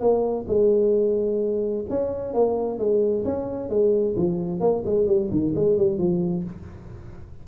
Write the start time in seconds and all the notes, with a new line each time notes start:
0.00 A#3
0.48 G#3
1.90 C#4
2.34 A#3
2.79 G#3
3.24 C#4
3.69 G#3
4.16 F3
4.60 A#3
4.85 G#3
5.07 G3
5.31 D#3
5.55 G#3
5.77 G3
5.98 F3